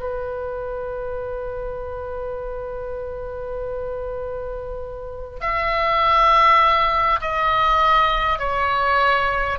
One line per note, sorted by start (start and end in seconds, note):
0.00 5.40 B4
5.41 7.21 E5
7.21 8.39 D#5
8.39 9.59 C#5